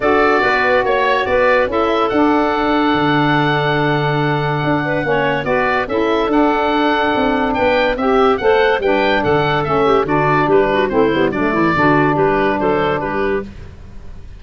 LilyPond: <<
  \new Staff \with { instrumentName = "oboe" } { \time 4/4 \tempo 4 = 143 d''2 cis''4 d''4 | e''4 fis''2.~ | fis''1~ | fis''4 d''4 e''4 fis''4~ |
fis''2 g''4 e''4 | fis''4 g''4 fis''4 e''4 | d''4 b'4 c''4 d''4~ | d''4 b'4 c''4 b'4 | }
  \new Staff \with { instrumentName = "clarinet" } { \time 4/4 a'4 b'4 cis''4 b'4 | a'1~ | a'2.~ a'8 b'8 | cis''4 b'4 a'2~ |
a'2 b'4 g'4 | c''4 b'4 a'4. g'8 | fis'4 g'8 fis'8 e'4 d'8 e'8 | fis'4 g'4 a'4 g'4 | }
  \new Staff \with { instrumentName = "saxophone" } { \time 4/4 fis'1 | e'4 d'2.~ | d'1 | cis'4 fis'4 e'4 d'4~ |
d'2. g'4 | a'4 d'2 cis'4 | d'2 c'8 b8 a4 | d'1 | }
  \new Staff \with { instrumentName = "tuba" } { \time 4/4 d'4 b4 ais4 b4 | cis'4 d'2 d4~ | d2. d'4 | ais4 b4 cis'4 d'4~ |
d'4 c'4 b4 c'4 | a4 g4 d4 a4 | d4 g4 a8 g8 fis8 e8 | d4 g4 fis4 g4 | }
>>